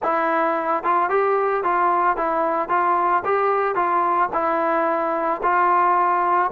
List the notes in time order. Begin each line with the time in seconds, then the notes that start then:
0.02 E4
0.83 F4
1.09 G4
1.63 F4
2.16 E4
2.69 F4
3.24 G4
3.75 F4
4.33 E4
5.43 F4